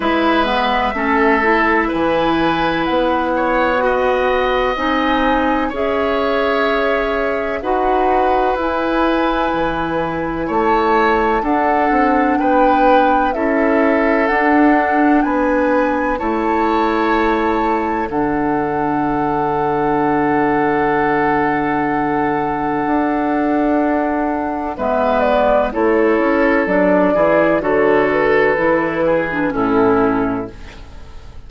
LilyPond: <<
  \new Staff \with { instrumentName = "flute" } { \time 4/4 \tempo 4 = 63 e''2 gis''4 fis''4~ | fis''4 gis''4 e''2 | fis''4 gis''2 a''4 | fis''4 g''4 e''4 fis''4 |
gis''4 a''2 fis''4~ | fis''1~ | fis''2 e''8 d''8 cis''4 | d''4 cis''8 b'4. a'4 | }
  \new Staff \with { instrumentName = "oboe" } { \time 4/4 b'4 a'4 b'4. cis''8 | dis''2 cis''2 | b'2. cis''4 | a'4 b'4 a'2 |
b'4 cis''2 a'4~ | a'1~ | a'2 b'4 a'4~ | a'8 gis'8 a'4. gis'8 e'4 | }
  \new Staff \with { instrumentName = "clarinet" } { \time 4/4 e'8 b8 cis'8 e'2~ e'8 | fis'4 dis'4 gis'2 | fis'4 e'2. | d'2 e'4 d'4~ |
d'4 e'2 d'4~ | d'1~ | d'2 b4 e'4 | d'8 e'8 fis'4 e'8. d'16 cis'4 | }
  \new Staff \with { instrumentName = "bassoon" } { \time 4/4 gis4 a4 e4 b4~ | b4 c'4 cis'2 | dis'4 e'4 e4 a4 | d'8 c'8 b4 cis'4 d'4 |
b4 a2 d4~ | d1 | d'2 gis4 a8 cis'8 | fis8 e8 d4 e4 a,4 | }
>>